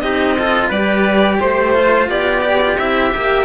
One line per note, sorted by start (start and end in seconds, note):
0.00 0.71 C4
0.00 0.37 D#4
0.00 0.38 G4
0.00 0.69 D#5
0.39 0.73 F4
0.39 0.68 A4
0.68 1.40 G3
0.68 1.74 G4
0.68 1.37 B4
0.68 1.40 D5
1.40 2.08 A3
1.40 2.09 C5
1.74 2.42 F4
2.08 2.77 B3
2.08 3.45 G4
2.08 2.77 D5
2.42 2.59 G4
2.61 2.78 F4
2.77 3.12 C4
2.77 3.10 E4
2.77 3.45 E5
3.10 3.45 A#3
3.10 3.45 G4